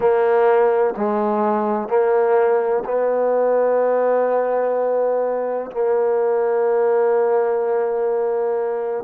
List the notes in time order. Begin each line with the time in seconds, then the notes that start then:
0.00 A#3
0.96 G#3
1.88 A#3
2.84 B3
5.71 A#3